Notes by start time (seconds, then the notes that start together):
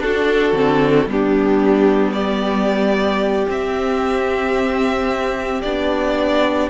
0.00 D4 F#4 A4
0.53 D3 C4
1.07 G3 B3 D4 G4
2.12 G4 D5
3.47 C4 E5
5.62 B3 D4 D5